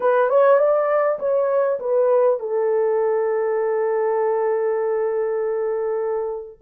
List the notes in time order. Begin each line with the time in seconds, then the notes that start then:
0.00 B4
0.29 C#5
0.58 D5
1.19 C#5
1.79 B4
2.39 A4